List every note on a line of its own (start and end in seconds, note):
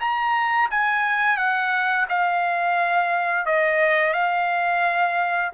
0.00 0.69 A#5
0.70 1.37 G#5
1.37 2.06 F#5
2.09 3.46 F5
3.46 4.13 D#5
4.13 5.51 F5